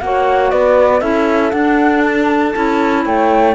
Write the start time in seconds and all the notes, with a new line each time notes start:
0.00 A#3 F#4 C#5 F#5
0.51 B3 B4 D5
1.00 C#4 E4 A4 E5
1.51 D4 F#5
2.04 A5
2.54 C#4 E4
3.05 A3 C#5 G5